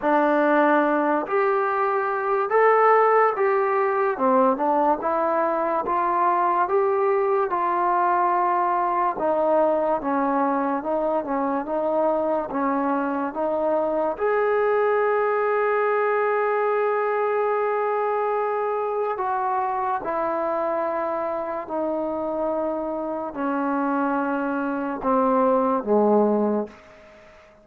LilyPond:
\new Staff \with { instrumentName = "trombone" } { \time 4/4 \tempo 4 = 72 d'4. g'4. a'4 | g'4 c'8 d'8 e'4 f'4 | g'4 f'2 dis'4 | cis'4 dis'8 cis'8 dis'4 cis'4 |
dis'4 gis'2.~ | gis'2. fis'4 | e'2 dis'2 | cis'2 c'4 gis4 | }